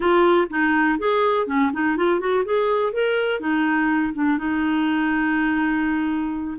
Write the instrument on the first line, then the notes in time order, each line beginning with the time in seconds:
clarinet
0.00 F4
0.50 D#4
0.98 G#4
1.46 C#4
1.73 D#4
1.96 F4
2.20 F#4
2.44 G#4
2.93 A#4
3.39 D#4
4.13 D4
4.37 D#4